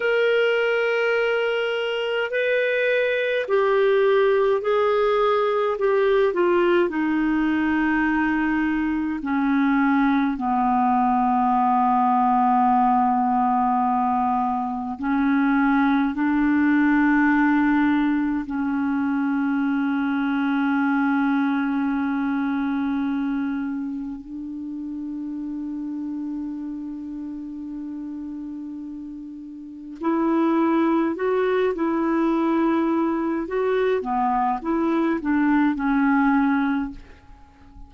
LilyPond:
\new Staff \with { instrumentName = "clarinet" } { \time 4/4 \tempo 4 = 52 ais'2 b'4 g'4 | gis'4 g'8 f'8 dis'2 | cis'4 b2.~ | b4 cis'4 d'2 |
cis'1~ | cis'4 d'2.~ | d'2 e'4 fis'8 e'8~ | e'4 fis'8 b8 e'8 d'8 cis'4 | }